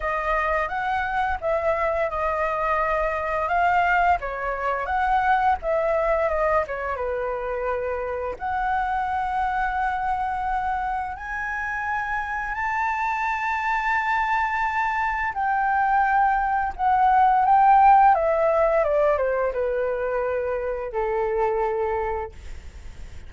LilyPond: \new Staff \with { instrumentName = "flute" } { \time 4/4 \tempo 4 = 86 dis''4 fis''4 e''4 dis''4~ | dis''4 f''4 cis''4 fis''4 | e''4 dis''8 cis''8 b'2 | fis''1 |
gis''2 a''2~ | a''2 g''2 | fis''4 g''4 e''4 d''8 c''8 | b'2 a'2 | }